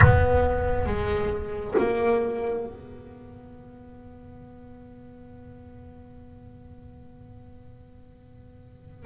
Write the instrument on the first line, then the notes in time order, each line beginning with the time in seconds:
double bass
0.00 B3
0.86 G#3
1.78 A#3
2.66 B3